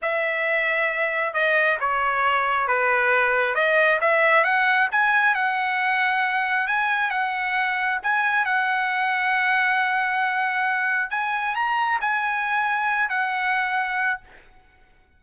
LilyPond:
\new Staff \with { instrumentName = "trumpet" } { \time 4/4 \tempo 4 = 135 e''2. dis''4 | cis''2 b'2 | dis''4 e''4 fis''4 gis''4 | fis''2. gis''4 |
fis''2 gis''4 fis''4~ | fis''1~ | fis''4 gis''4 ais''4 gis''4~ | gis''4. fis''2~ fis''8 | }